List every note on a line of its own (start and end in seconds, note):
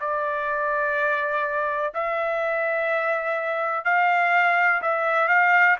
0.00 1.94 D5
1.94 3.84 E5
3.84 4.81 F5
4.82 5.28 E5
5.28 5.76 F5